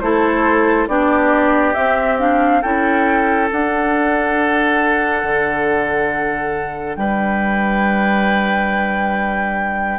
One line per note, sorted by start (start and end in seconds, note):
0.00 0.87 A3
0.00 0.88 E4
0.00 0.89 A4
0.00 0.87 C5
0.87 1.74 B3
0.87 1.75 D4
0.87 2.61 G4
0.87 1.74 D5
1.74 2.19 C4
1.74 2.63 C4
1.74 2.17 E5
2.19 2.62 D4
2.19 2.62 F5
2.61 3.51 C#4
2.61 3.50 E4
2.61 6.96 A4
2.61 3.49 G5
3.50 9.99 D4
3.50 5.23 D4
3.50 6.96 F#5
5.23 6.96 D3
6.96 9.99 G3
6.96 9.99 B4
6.96 9.99 G5